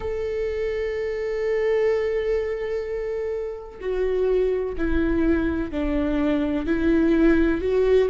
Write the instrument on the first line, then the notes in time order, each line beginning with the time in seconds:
viola
0.00 A4
3.80 F#4
4.77 E4
5.71 D4
6.66 E4
7.61 F#4